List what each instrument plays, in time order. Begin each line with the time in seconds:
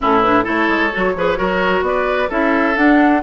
0.00 bassoon A2, clarinet C#4, oboe E4, flute A4
0.20 clarinet D4, flute B4
0.44 bassoon A3, clarinet E4, oboe A4, flute C#5
0.68 bassoon G#3
0.91 bassoon F#3, clarinet F#4
1.15 bassoon F3, clarinet G#4, oboe B4
1.36 bassoon F#3, clarinet F#4, oboe A#4
1.81 bassoon B3, flute D5
1.87 oboe B4
2.29 bassoon C#4, clarinet E4, oboe A4, flute E5
2.76 clarinet D4, bassoon D4, flute F#5